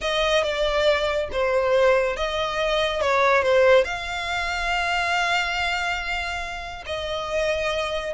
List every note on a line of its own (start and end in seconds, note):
0.01 0.43 D#5
0.43 1.29 D5
1.32 2.16 C5
2.16 3.01 D#5
3.01 3.42 C#5
3.42 3.84 C5
3.84 6.84 F5
6.86 8.14 D#5